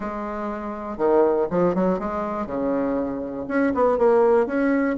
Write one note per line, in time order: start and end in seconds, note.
0.00 0.97 G#3
0.97 1.47 D#3
1.50 1.74 F3
1.74 1.99 F#3
1.99 2.46 G#3
2.46 3.45 C#3
3.48 3.72 C#4
3.74 3.97 B3
3.97 4.46 A#3
4.46 4.95 C#4